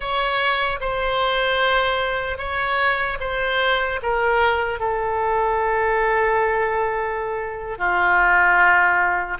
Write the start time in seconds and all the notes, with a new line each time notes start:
0.00 C#5
0.80 C5
2.38 C#5
3.20 C5
4.02 A#4
4.79 A4
7.77 F4